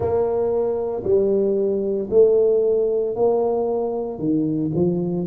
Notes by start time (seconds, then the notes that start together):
0.00 A#3
1.03 G3
2.10 A3
3.15 A#3
4.18 D#3
4.75 F3